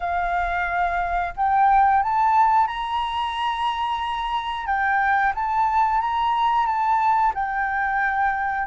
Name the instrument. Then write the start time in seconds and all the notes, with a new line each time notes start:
flute
0.00 F5
1.36 G5
2.02 A5
2.67 A#5
4.66 G5
5.35 A5
6.01 A#5
6.66 A5
7.34 G5